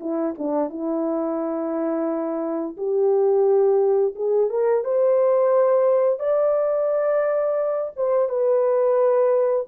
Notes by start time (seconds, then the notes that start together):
0.00 E4
0.38 D4
0.69 E4
2.77 G4
4.15 G#4
4.50 A#4
4.84 C5
6.19 D5
7.96 C5
8.29 B4